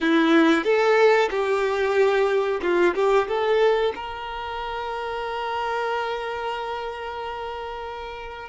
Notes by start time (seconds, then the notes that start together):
0.00 E4
0.63 A4
1.30 G4
2.61 F4
2.95 G4
3.28 A4
3.95 A#4